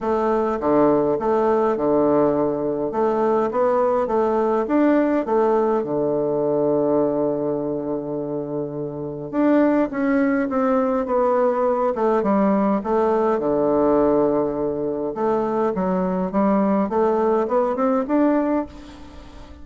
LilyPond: \new Staff \with { instrumentName = "bassoon" } { \time 4/4 \tempo 4 = 103 a4 d4 a4 d4~ | d4 a4 b4 a4 | d'4 a4 d2~ | d1 |
d'4 cis'4 c'4 b4~ | b8 a8 g4 a4 d4~ | d2 a4 fis4 | g4 a4 b8 c'8 d'4 | }